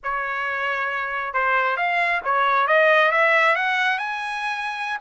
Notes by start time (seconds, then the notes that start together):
0.03 C#5
1.33 C5
1.76 F5
2.24 C#5
2.67 D#5
3.11 E5
3.55 F#5
3.98 G#5